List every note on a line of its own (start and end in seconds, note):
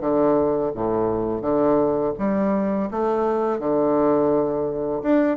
0.00 0.71 D3
0.74 1.41 A2
1.41 2.13 D3
2.18 2.90 G3
2.91 3.59 A3
3.59 5.02 D3
5.02 5.37 D4